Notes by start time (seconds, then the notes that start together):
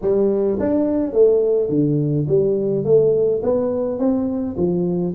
0.01 G3
0.59 D4
1.12 A3
1.69 D3
2.28 G3
2.84 A3
3.43 B3
3.98 C4
4.56 F3